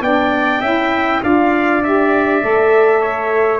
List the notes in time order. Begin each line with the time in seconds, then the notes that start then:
0.00 B3 D4 D5 G5
0.60 C#4 E4 E5
1.22 D4 F4 D5 F5
1.83 G4 E5
2.41 A3 A4
3.01 C#5